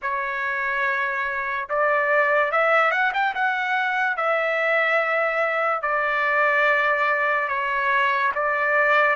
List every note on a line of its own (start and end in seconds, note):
0.02 1.68 C#5
1.69 2.51 D5
2.51 2.91 E5
2.91 3.12 F#5
3.13 3.34 G5
3.34 4.17 F#5
4.17 5.82 E5
5.82 7.48 D5
7.48 8.31 C#5
8.34 9.15 D5